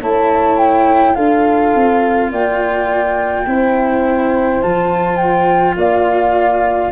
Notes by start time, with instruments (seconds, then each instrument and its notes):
0.00 tuba A3, cello E4, horn C#5, flute A5
0.57 flute G5
1.14 tuba D4, cello F4, horn A4, flute F5
1.74 tuba C4
2.31 tuba A#3, horn D5, flute G5
3.46 tuba C4, cello E4, horn C5
4.62 tuba F3, cello F4, flute A5
5.16 flute G5
5.75 tuba A#3, horn D5, flute F5